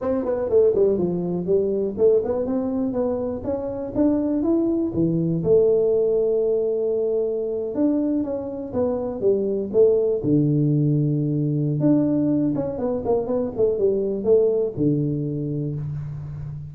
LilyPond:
\new Staff \with { instrumentName = "tuba" } { \time 4/4 \tempo 4 = 122 c'8 b8 a8 g8 f4 g4 | a8 b8 c'4 b4 cis'4 | d'4 e'4 e4 a4~ | a2.~ a8. d'16~ |
d'8. cis'4 b4 g4 a16~ | a8. d2.~ d16 | d'4. cis'8 b8 ais8 b8 a8 | g4 a4 d2 | }